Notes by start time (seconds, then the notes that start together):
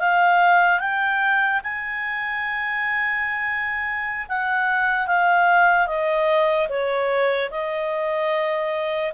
0.00 F5
0.80 G5
1.63 G#5
4.29 F#5
5.07 F5
5.87 D#5
6.69 C#5
7.51 D#5